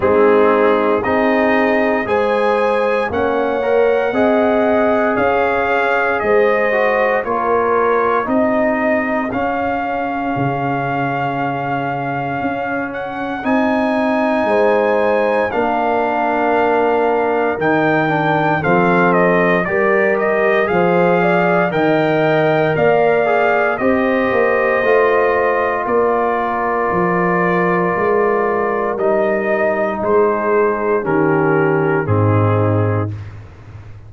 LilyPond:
<<
  \new Staff \with { instrumentName = "trumpet" } { \time 4/4 \tempo 4 = 58 gis'4 dis''4 gis''4 fis''4~ | fis''4 f''4 dis''4 cis''4 | dis''4 f''2.~ | f''8 fis''8 gis''2 f''4~ |
f''4 g''4 f''8 dis''8 d''8 dis''8 | f''4 g''4 f''4 dis''4~ | dis''4 d''2. | dis''4 c''4 ais'4 gis'4 | }
  \new Staff \with { instrumentName = "horn" } { \time 4/4 dis'4 gis'4 c''4 cis''4 | dis''4 cis''4 c''4 ais'4 | gis'1~ | gis'2 c''4 ais'4~ |
ais'2 a'4 ais'4 | c''8 d''8 dis''4 d''4 c''4~ | c''4 ais'2.~ | ais'4 gis'4 g'4 dis'4 | }
  \new Staff \with { instrumentName = "trombone" } { \time 4/4 c'4 dis'4 gis'4 cis'8 ais'8 | gis'2~ gis'8 fis'8 f'4 | dis'4 cis'2.~ | cis'4 dis'2 d'4~ |
d'4 dis'8 d'8 c'4 g'4 | gis'4 ais'4. gis'8 g'4 | f'1 | dis'2 cis'4 c'4 | }
  \new Staff \with { instrumentName = "tuba" } { \time 4/4 gis4 c'4 gis4 ais4 | c'4 cis'4 gis4 ais4 | c'4 cis'4 cis2 | cis'4 c'4 gis4 ais4~ |
ais4 dis4 f4 g4 | f4 dis4 ais4 c'8 ais8 | a4 ais4 f4 gis4 | g4 gis4 dis4 gis,4 | }
>>